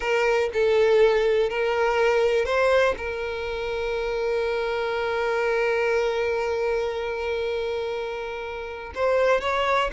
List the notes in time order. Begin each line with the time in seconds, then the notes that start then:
0.00 A#4
0.53 A4
1.49 A#4
2.45 C5
2.97 A#4
8.94 C5
9.40 C#5